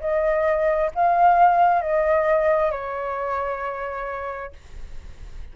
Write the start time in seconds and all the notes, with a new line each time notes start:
0.00 D#5
0.95 F5
1.82 D#5
2.71 C#5